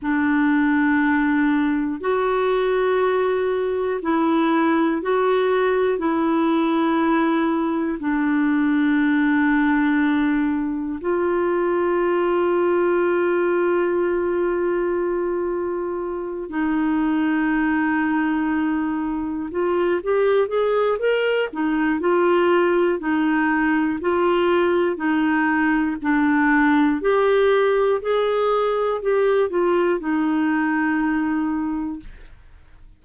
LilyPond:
\new Staff \with { instrumentName = "clarinet" } { \time 4/4 \tempo 4 = 60 d'2 fis'2 | e'4 fis'4 e'2 | d'2. f'4~ | f'1~ |
f'8 dis'2. f'8 | g'8 gis'8 ais'8 dis'8 f'4 dis'4 | f'4 dis'4 d'4 g'4 | gis'4 g'8 f'8 dis'2 | }